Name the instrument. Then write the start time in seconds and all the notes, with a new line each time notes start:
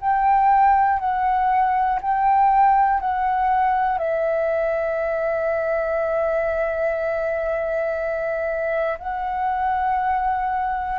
flute
0.00 G5
0.99 F#5
2.01 G5
3.00 F#5
3.98 E5
8.98 F#5